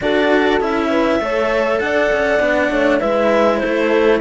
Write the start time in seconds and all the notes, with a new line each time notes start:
0.00 D4 F#4 A4 D5
0.60 C#4 E4 E5
0.90 B4
1.19 A3 A4 C#5
1.79 D4 D5 F#5
2.12 C#4
2.39 B3 D4
2.70 A3 C#5
2.99 G#3 E4 B4 E5
3.58 A4 C5
3.64 A3